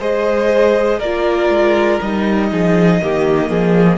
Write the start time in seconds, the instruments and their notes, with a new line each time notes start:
0.00 cello G#3, viola G#4, violin C5 D#5
1.00 cello A#3, viola F4, violin A#4 D5
1.50 cello G#3
2.02 cello G3, viola D#4, violin D#5
2.51 cello F3, violin G#4
3.02 cello D#3, viola A#3, violin G4
3.50 cello F3, violin G#4